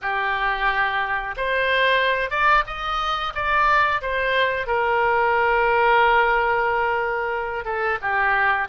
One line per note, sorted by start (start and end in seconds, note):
0.02 1.35 G4
1.37 2.30 C5
2.30 2.63 D5
2.66 3.33 D#5
3.34 4.01 D5
4.02 4.67 C5
4.67 7.65 A#4
7.65 7.98 A4
8.01 8.68 G4